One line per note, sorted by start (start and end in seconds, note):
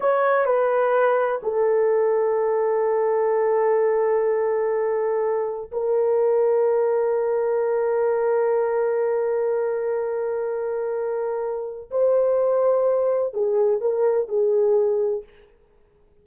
0.00 0.45 C#5
0.45 1.40 B4
1.42 5.71 A4
5.71 11.90 A#4
11.90 13.33 C5
13.33 13.81 G#4
13.81 14.28 A#4
14.28 15.23 G#4